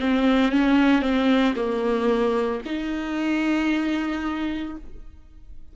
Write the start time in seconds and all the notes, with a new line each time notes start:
0.00 C4
0.52 C#4
1.02 C4
1.56 A#3
2.66 D#4